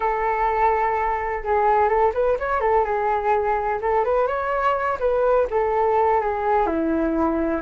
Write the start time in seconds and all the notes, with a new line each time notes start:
0.00 A4
1.43 G#4
1.88 A4
2.14 B4
2.39 C#5
2.60 A4
2.84 G#4
3.81 A4
4.04 B4
4.27 C#5
4.99 B4
5.50 A4
6.20 G#4
6.66 E4